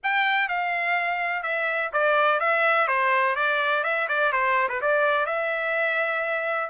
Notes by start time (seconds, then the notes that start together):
0.03 G5
0.48 F5
1.42 E5
1.92 D5
2.40 E5
2.87 C5
3.35 D5
3.83 E5
4.08 D5
4.32 C5
4.68 B4
4.81 D5
5.26 E5